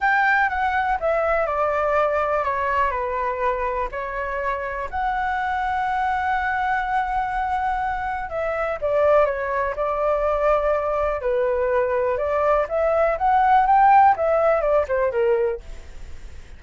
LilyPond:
\new Staff \with { instrumentName = "flute" } { \time 4/4 \tempo 4 = 123 g''4 fis''4 e''4 d''4~ | d''4 cis''4 b'2 | cis''2 fis''2~ | fis''1~ |
fis''4 e''4 d''4 cis''4 | d''2. b'4~ | b'4 d''4 e''4 fis''4 | g''4 e''4 d''8 c''8 ais'4 | }